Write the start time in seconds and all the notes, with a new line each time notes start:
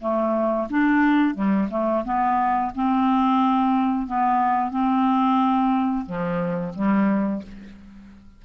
0.00 A3
0.70 D4
1.34 G3
1.70 A3
2.05 B3
2.75 C4
4.07 B3
4.70 C4
6.06 F3
6.75 G3